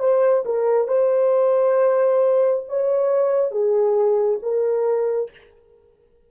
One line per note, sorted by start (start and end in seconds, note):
0.00 0.44 C5
0.45 0.88 A#4
0.88 2.64 C5
2.69 3.51 C#5
3.51 4.40 G#4
4.43 5.31 A#4